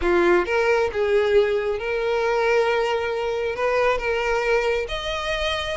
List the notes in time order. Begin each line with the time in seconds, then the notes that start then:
0.01 F4
0.45 A#4
0.92 G#4
1.79 A#4
3.55 B4
3.98 A#4
4.88 D#5